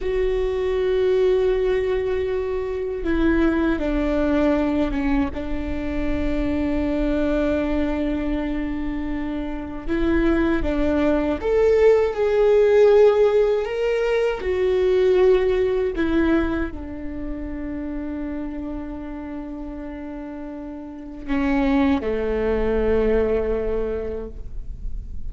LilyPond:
\new Staff \with { instrumentName = "viola" } { \time 4/4 \tempo 4 = 79 fis'1 | e'4 d'4. cis'8 d'4~ | d'1~ | d'4 e'4 d'4 a'4 |
gis'2 ais'4 fis'4~ | fis'4 e'4 d'2~ | d'1 | cis'4 a2. | }